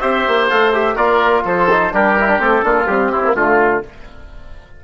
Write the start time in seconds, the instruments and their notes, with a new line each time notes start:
0.00 bassoon C4, trombone G4, oboe C5, trumpet E5
0.27 bassoon A#3
0.50 bassoon A3, trombone A4, trumpet F5
0.73 trombone G4, trumpet E5
0.95 bassoon A#3, trombone F4, oboe A#4, trumpet D5
1.44 bassoon F3, oboe A4, trumpet C5
1.70 trombone D#4
1.93 bassoon G3, trombone D4, oboe G4, trumpet A#4
2.20 trombone E4
2.28 trombone D4
2.39 bassoon A3, trombone C4, trumpet A4
2.63 bassoon A#3, trombone D4, oboe F4
2.87 trombone G3, bassoon C4, trumpet G4
3.12 trombone C4, oboe E4
3.25 trombone A#3
3.35 bassoon D3, trombone A3, oboe F4, trumpet F4